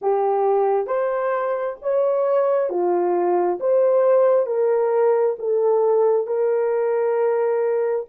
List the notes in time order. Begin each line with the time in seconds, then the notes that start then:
0.01 G4
0.87 C5
1.82 C#5
2.69 F4
3.60 C5
4.46 A#4
5.38 A4
6.26 A#4